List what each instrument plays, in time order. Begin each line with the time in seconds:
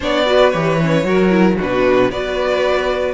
0.00 cello B3, viola D4, violin C#5 D5
0.26 viola F#4, violin B4
0.50 cello E3, viola G4, violin C#5
0.81 viola C#4
1.04 cello F#3, viola F#4, violin A#4
1.30 viola E4
1.56 cello B2, viola D4, violin F#4 B4
2.11 cello B3, viola F#4, violin B4 D5